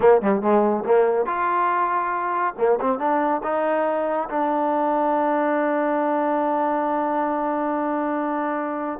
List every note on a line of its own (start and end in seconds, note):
0.00 0.21 A#3
0.21 0.41 G3
0.41 0.84 G#3
0.85 1.25 A#3
1.25 2.54 F4
2.57 2.79 A#3
2.81 2.98 C4
2.98 3.41 D4
3.43 4.29 D#4
4.29 8.99 D4